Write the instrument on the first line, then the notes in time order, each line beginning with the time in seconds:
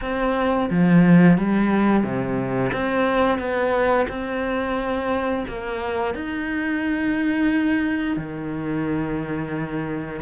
cello
0.01 C4
0.69 F3
1.37 G3
2.03 C3
2.72 C4
3.38 B3
4.08 C4
5.47 A#3
6.14 D#4
8.16 D#3